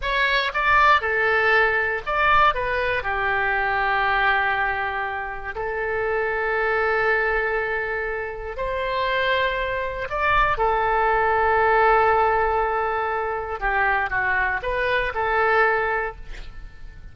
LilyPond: \new Staff \with { instrumentName = "oboe" } { \time 4/4 \tempo 4 = 119 cis''4 d''4 a'2 | d''4 b'4 g'2~ | g'2. a'4~ | a'1~ |
a'4 c''2. | d''4 a'2.~ | a'2. g'4 | fis'4 b'4 a'2 | }